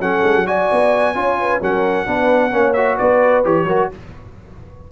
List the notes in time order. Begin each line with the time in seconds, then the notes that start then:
0.00 F#3 C#4 A4 F#5
0.24 G#3
0.35 F#3
0.47 F#4 D5 G#5
0.72 B3
1.15 C#4 F4 C#5
1.40 B4
1.61 F#3 C#4 A#4 F#5
2.06 B3 D4 B4
2.51 A#3 C#4 C#5
2.74 F#4 E5
2.98 B3 B4 D5
3.45 E3 G4 C#5
3.65 F#3 F#4 A#4